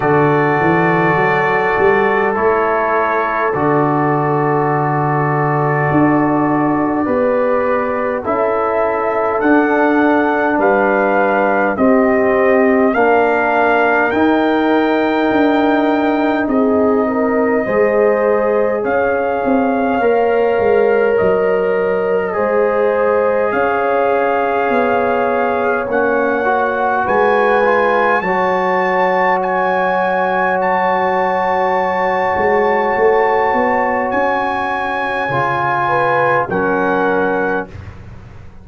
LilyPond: <<
  \new Staff \with { instrumentName = "trumpet" } { \time 4/4 \tempo 4 = 51 d''2 cis''4 d''4~ | d''2. e''4 | fis''4 f''4 dis''4 f''4 | g''2 dis''2 |
f''2 dis''2 | f''2 fis''4 gis''4 | a''4 gis''4 a''2~ | a''4 gis''2 fis''4 | }
  \new Staff \with { instrumentName = "horn" } { \time 4/4 a'1~ | a'2 b'4 a'4~ | a'4 b'4 g'4 ais'4~ | ais'2 gis'8 ais'8 c''4 |
cis''2. c''4 | cis''2. b'4 | cis''1~ | cis''2~ cis''8 b'8 ais'4 | }
  \new Staff \with { instrumentName = "trombone" } { \time 4/4 fis'2 e'4 fis'4~ | fis'2 g'4 e'4 | d'2 c'4 d'4 | dis'2. gis'4~ |
gis'4 ais'2 gis'4~ | gis'2 cis'8 fis'4 f'8 | fis'1~ | fis'2 f'4 cis'4 | }
  \new Staff \with { instrumentName = "tuba" } { \time 4/4 d8 e8 fis8 g8 a4 d4~ | d4 d'4 b4 cis'4 | d'4 g4 c'4 ais4 | dis'4 d'4 c'4 gis4 |
cis'8 c'8 ais8 gis8 fis4 gis4 | cis'4 b4 ais4 gis4 | fis2.~ fis8 gis8 | a8 b8 cis'4 cis4 fis4 | }
>>